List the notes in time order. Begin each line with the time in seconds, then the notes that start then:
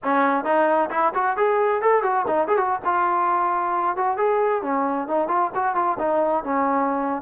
0.03 C#4
0.44 D#4
0.90 E4
1.14 F#4
1.37 G#4
1.81 A4
2.03 F#4
2.27 D#4
2.47 G#4
2.57 F#4
2.84 F4
3.96 F#4
4.17 G#4
4.62 C#4
5.07 D#4
5.28 F4
5.54 F#4
5.75 F4
5.99 D#4
6.43 C#4